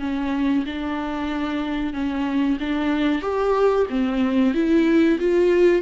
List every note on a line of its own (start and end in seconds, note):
0.00 0.65 C#4
0.66 1.93 D4
1.93 2.58 C#4
2.60 3.22 D4
3.22 3.86 G4
3.90 4.54 C4
4.54 5.19 E4
5.19 5.82 F4